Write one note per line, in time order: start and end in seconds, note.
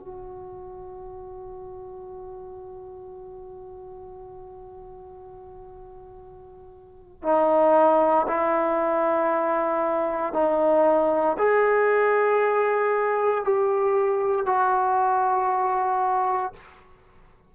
0.00 7.23 F#4
7.23 8.27 D#4
8.28 10.34 E4
10.34 11.37 D#4
11.38 13.45 G#4
13.45 14.46 G4
14.46 16.53 F#4